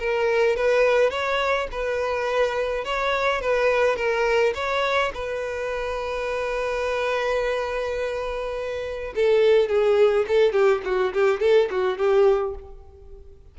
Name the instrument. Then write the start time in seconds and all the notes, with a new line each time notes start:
violin
0.00 A#4
0.57 B4
1.11 C#5
1.72 B4
2.85 C#5
3.42 B4
3.97 A#4
4.55 C#5
5.14 B4
9.16 A4
9.69 G#4
10.28 A4
10.53 G4
10.85 F#4
11.14 G4
11.41 A4
11.71 F#4
11.98 G4